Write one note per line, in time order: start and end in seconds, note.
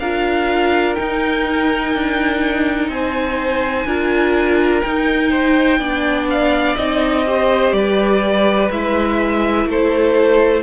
0.00 0.97 D4
0.00 0.98 F4
0.00 2.91 A#4
0.00 0.95 F5
0.95 3.88 D#4
0.95 1.95 D#4
0.95 2.89 G5
1.95 2.88 D4
2.88 3.85 C4
2.88 3.87 C5
2.88 4.82 G#5
3.85 4.82 D4
3.85 4.84 F4
3.85 5.31 A#4
4.82 5.81 D#4
4.82 5.79 D#4
4.82 6.27 G5
5.31 5.79 C5
5.79 6.76 B3
5.79 6.77 D4
5.79 7.25 D5
6.30 6.76 F5
6.76 7.73 C4
6.76 7.26 D#4
6.76 7.73 D#5
7.26 8.71 G4
7.26 7.76 C5
7.73 8.70 G3
7.73 9.69 B4
7.73 8.69 D5
8.71 9.66 G#3
8.71 10.63 E4
8.71 9.68 E5
9.66 10.62 A3
9.66 10.63 A4
9.66 10.63 C5